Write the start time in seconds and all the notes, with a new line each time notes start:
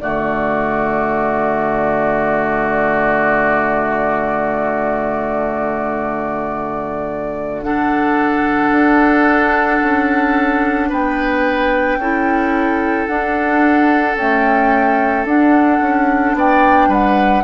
0.00 D3 A3 F#4 D5
7.63 D4 A4 F#5
8.71 D4
9.82 C#4
10.89 B3 B4 G5
11.98 C#4 E4 A4
13.07 D4 F#5
14.16 A3 C#4 G5
15.25 D4 F#5
15.81 C#4
16.34 B3 D5 G5
16.88 G3 B4 F#5